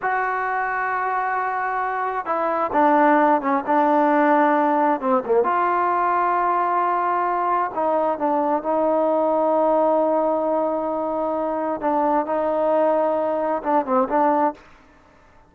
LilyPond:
\new Staff \with { instrumentName = "trombone" } { \time 4/4 \tempo 4 = 132 fis'1~ | fis'4 e'4 d'4. cis'8 | d'2. c'8 ais8 | f'1~ |
f'4 dis'4 d'4 dis'4~ | dis'1~ | dis'2 d'4 dis'4~ | dis'2 d'8 c'8 d'4 | }